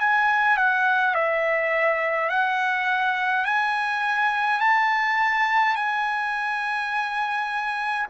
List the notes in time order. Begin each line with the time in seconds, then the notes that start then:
0.00 G#5
0.57 F#5
1.14 E5
2.29 F#5
3.45 G#5
4.60 A5
5.75 G#5